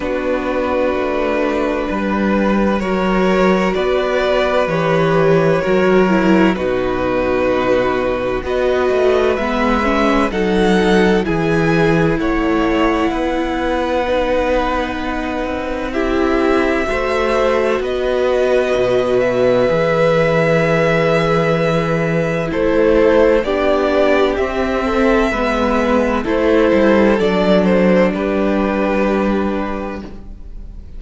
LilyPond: <<
  \new Staff \with { instrumentName = "violin" } { \time 4/4 \tempo 4 = 64 b'2. cis''4 | d''4 cis''2 b'4~ | b'4 dis''4 e''4 fis''4 | gis''4 fis''2.~ |
fis''4 e''2 dis''4~ | dis''8 e''2.~ e''8 | c''4 d''4 e''2 | c''4 d''8 c''8 b'2 | }
  \new Staff \with { instrumentName = "violin" } { \time 4/4 fis'2 b'4 ais'4 | b'2 ais'4 fis'4~ | fis'4 b'2 a'4 | gis'4 cis''4 b'2~ |
b'4 g'4 c''4 b'4~ | b'1 | a'4 g'4. a'8 b'4 | a'2 g'2 | }
  \new Staff \with { instrumentName = "viola" } { \time 4/4 d'2. fis'4~ | fis'4 g'4 fis'8 e'8 dis'4~ | dis'4 fis'4 b8 cis'8 dis'4 | e'2. dis'4~ |
dis'4 e'4 fis'2~ | fis'4 gis'2. | e'4 d'4 c'4 b4 | e'4 d'2. | }
  \new Staff \with { instrumentName = "cello" } { \time 4/4 b4 a4 g4 fis4 | b4 e4 fis4 b,4~ | b,4 b8 a8 gis4 fis4 | e4 a4 b2~ |
b8 c'4. a4 b4 | b,4 e2. | a4 b4 c'4 gis4 | a8 g8 fis4 g2 | }
>>